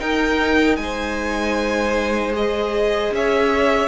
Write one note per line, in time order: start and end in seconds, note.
0.00 2.33 D#4
0.00 0.77 D#4
0.00 0.79 A#4
0.00 0.77 G5
0.77 3.11 G#3
0.77 2.32 G#5
0.83 3.16 C5
2.33 3.88 G#4
2.33 3.14 D#5
3.12 3.88 C#4
3.12 3.88 C#5
3.12 3.88 E5